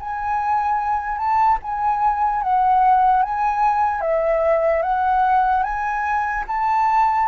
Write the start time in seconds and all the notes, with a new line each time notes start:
0.00 G#5
1.18 A5
1.63 G#5
2.43 F#5
3.23 G#5
4.01 E5
4.82 F#5
5.64 G#5
6.48 A5